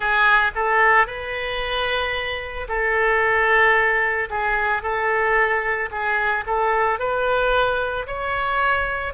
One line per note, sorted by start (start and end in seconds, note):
0.00 0.51 G#4
0.55 1.07 A4
1.07 2.67 B4
2.68 4.29 A4
4.30 4.82 G#4
4.82 5.89 A4
5.91 6.44 G#4
6.46 6.99 A4
6.99 8.06 B4
8.06 9.13 C#5